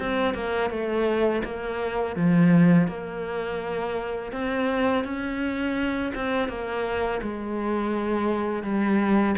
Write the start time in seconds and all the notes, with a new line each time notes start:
0.00 C4
0.35 A#3
0.71 A3
1.45 A#3
2.16 F3
2.88 A#3
4.32 C4
5.04 C#4
6.15 C4
6.49 A#3
7.23 G#3
8.64 G3